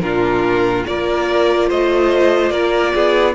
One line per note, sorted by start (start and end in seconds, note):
0.00 0.85 A#2
0.00 0.85 D4
0.00 0.86 F4
0.00 0.83 A#4
0.85 1.70 A#3
0.85 3.34 F4
0.85 1.68 A#4
0.85 1.69 D5
1.68 2.51 A3
1.68 2.51 C5
1.68 2.50 D#5
2.50 2.93 A#3
2.50 2.93 A#4
2.50 3.33 D5
2.94 3.34 B3
2.94 3.34 G#4